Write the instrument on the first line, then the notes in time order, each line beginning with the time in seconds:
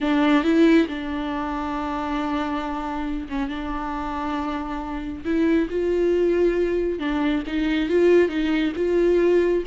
viola
0.00 D4
0.43 E4
0.87 D4
3.29 C#4
3.48 D4
5.24 E4
5.70 F4
6.99 D4
7.46 D#4
7.89 F4
8.29 D#4
8.76 F4